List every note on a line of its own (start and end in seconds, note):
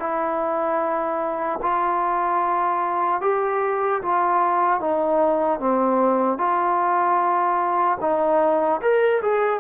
0.00 1.60 E4
1.63 3.22 F4
3.22 4.02 G4
4.02 4.81 F4
4.81 5.60 D#4
5.60 6.39 C4
6.39 7.99 F4
8.01 8.81 D#4
8.82 9.22 A#4
9.23 9.60 G#4